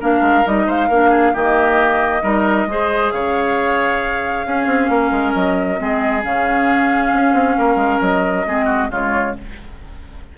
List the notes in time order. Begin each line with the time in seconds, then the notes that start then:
0.00 A#3 D4 A#4 F5
0.21 G#3
0.45 G3 D#4 D#5
0.66 G#3 C5 F5
0.88 A#3 D4 A#4
1.10 G#4
1.34 D#3 A#3 G4 D#5
2.23 G3 D#4 A#4
2.67 G#3 G#4 C5
3.11 C#3 C#5 F5
4.45 C#4 G#4
4.67 C4
4.89 A#3 A#4
5.11 G#3
5.34 F#3 D#5
5.77 G#3 C4 G#4
6.23 C#3 C#4 F5
7.13 C#4
7.33 C4
7.58 A#3 A#4
7.76 G#3
8.01 F#3 D#5
8.46 G#3 C4 G#4
8.65 F#4
8.90 C#3 G#3 F4 C#5